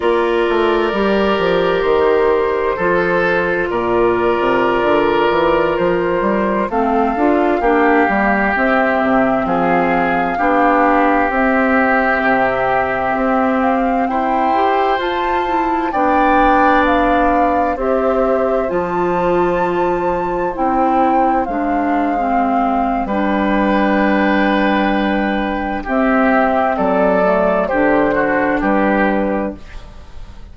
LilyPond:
<<
  \new Staff \with { instrumentName = "flute" } { \time 4/4 \tempo 4 = 65 d''2 c''2 | d''2~ d''16 c''4 f''8.~ | f''4~ f''16 e''4 f''4.~ f''16~ | f''16 e''2~ e''8 f''8 g''8.~ |
g''16 a''4 g''4 f''4 e''8.~ | e''16 a''2 g''4 f''8.~ | f''4 g''2. | e''4 d''4 c''4 b'4 | }
  \new Staff \with { instrumentName = "oboe" } { \time 4/4 ais'2. a'4 | ais'2.~ ais'16 a'8.~ | a'16 g'2 gis'4 g'8.~ | g'2.~ g'16 c''8.~ |
c''4~ c''16 d''2 c''8.~ | c''1~ | c''4 b'2. | g'4 a'4 g'8 fis'8 g'4 | }
  \new Staff \with { instrumentName = "clarinet" } { \time 4/4 f'4 g'2 f'4~ | f'2.~ f'16 c'8 f'16~ | f'16 d'8 ais8 c'2 d'8.~ | d'16 c'2.~ c'8 g'16~ |
g'16 f'8 e'8 d'2 g'8.~ | g'16 f'2 e'4 d'8. | c'4 d'2. | c'4. a8 d'2 | }
  \new Staff \with { instrumentName = "bassoon" } { \time 4/4 ais8 a8 g8 f8 dis4 f4 | ais,8. c8 d8 e8 f8 g8 a8 d'16~ | d'16 ais8 g8 c'8 c8 f4 b8.~ | b16 c'4 c4 c'4 e'8.~ |
e'16 f'4 b2 c'8.~ | c'16 f2 c'4 gis8.~ | gis4 g2. | c'4 fis4 d4 g4 | }
>>